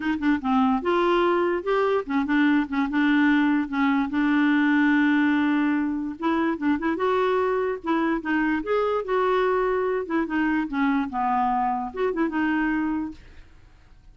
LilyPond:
\new Staff \with { instrumentName = "clarinet" } { \time 4/4 \tempo 4 = 146 dis'8 d'8 c'4 f'2 | g'4 cis'8 d'4 cis'8 d'4~ | d'4 cis'4 d'2~ | d'2. e'4 |
d'8 e'8 fis'2 e'4 | dis'4 gis'4 fis'2~ | fis'8 e'8 dis'4 cis'4 b4~ | b4 fis'8 e'8 dis'2 | }